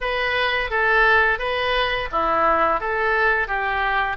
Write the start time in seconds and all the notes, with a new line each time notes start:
0.00 B4
0.70 A4
1.39 B4
2.11 E4
2.80 A4
3.47 G4